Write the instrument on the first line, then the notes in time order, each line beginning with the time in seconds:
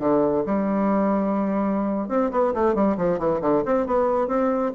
bassoon
0.00 D3
0.46 G3
2.09 C4
2.32 B3
2.54 A3
2.75 G3
2.97 F3
3.19 E3
3.42 D3
3.66 C4
3.86 B3
4.28 C4